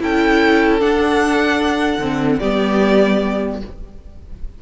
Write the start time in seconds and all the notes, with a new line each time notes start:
0.00 C#4 E4 A4 G5
0.80 D4 F#5
1.99 D3 C4
2.38 G3 B3 G4 D5